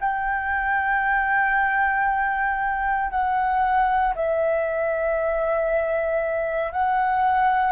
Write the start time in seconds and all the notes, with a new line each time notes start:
0.00 G5
3.10 F#5
4.15 E5
6.72 F#5